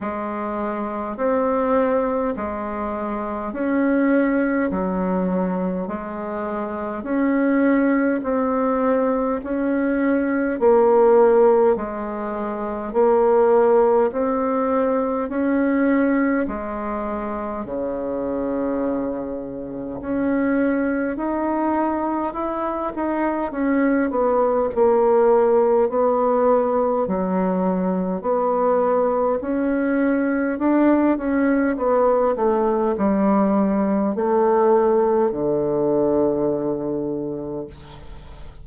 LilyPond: \new Staff \with { instrumentName = "bassoon" } { \time 4/4 \tempo 4 = 51 gis4 c'4 gis4 cis'4 | fis4 gis4 cis'4 c'4 | cis'4 ais4 gis4 ais4 | c'4 cis'4 gis4 cis4~ |
cis4 cis'4 dis'4 e'8 dis'8 | cis'8 b8 ais4 b4 fis4 | b4 cis'4 d'8 cis'8 b8 a8 | g4 a4 d2 | }